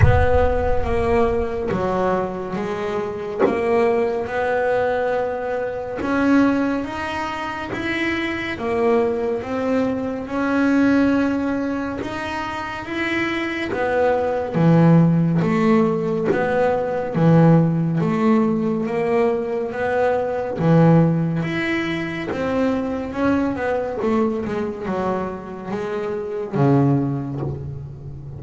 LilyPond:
\new Staff \with { instrumentName = "double bass" } { \time 4/4 \tempo 4 = 70 b4 ais4 fis4 gis4 | ais4 b2 cis'4 | dis'4 e'4 ais4 c'4 | cis'2 dis'4 e'4 |
b4 e4 a4 b4 | e4 a4 ais4 b4 | e4 e'4 c'4 cis'8 b8 | a8 gis8 fis4 gis4 cis4 | }